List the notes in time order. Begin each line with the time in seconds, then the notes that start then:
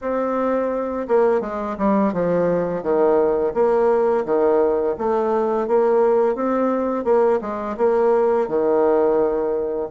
0.01 C4
1.08 A#3
1.41 G#3
1.78 G3
2.13 F3
2.82 D#3
3.54 A#3
4.25 D#3
4.98 A3
5.67 A#3
6.35 C4
7.04 A#3
7.41 G#3
7.77 A#3
8.48 D#3